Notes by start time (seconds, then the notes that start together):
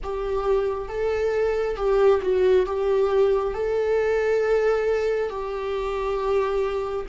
0.03 G4
0.88 A4
1.76 G4
2.21 F#4
2.66 G4
3.54 A4
5.29 G4